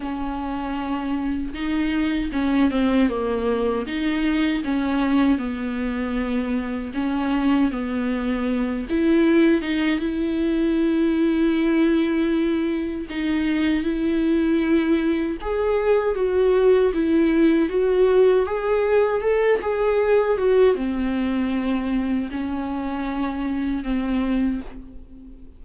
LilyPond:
\new Staff \with { instrumentName = "viola" } { \time 4/4 \tempo 4 = 78 cis'2 dis'4 cis'8 c'8 | ais4 dis'4 cis'4 b4~ | b4 cis'4 b4. e'8~ | e'8 dis'8 e'2.~ |
e'4 dis'4 e'2 | gis'4 fis'4 e'4 fis'4 | gis'4 a'8 gis'4 fis'8 c'4~ | c'4 cis'2 c'4 | }